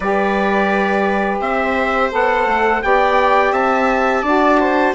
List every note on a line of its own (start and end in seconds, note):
0.00 1.39 G3
0.00 2.11 G4
0.00 1.40 B4
0.00 1.39 D5
1.39 2.10 C4
1.39 2.82 C5
1.39 2.11 E5
2.11 2.46 B3
2.11 2.81 A4
2.11 2.82 F#5
2.46 2.81 A3
2.82 3.52 B3
2.82 4.23 G4
2.82 3.52 D5
2.82 3.53 G5
3.52 4.22 C4
3.52 4.22 E5
3.52 4.94 A5
4.22 4.93 D4
4.22 4.94 F#4
4.22 4.58 D5
4.60 4.94 C5